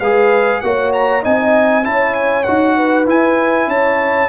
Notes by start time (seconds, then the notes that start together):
0.00 G#3 G#4 B4 F5
0.61 A#3 F#4 C#5 F#5
0.93 A#5
1.23 C4 D#4 D#5 G#5
1.84 C#4 E4 C#5 A5
2.15 G#5
2.44 D#4 F#4 F#5
2.77 B4
3.06 E4 G#5
3.68 C#4 C#5 A5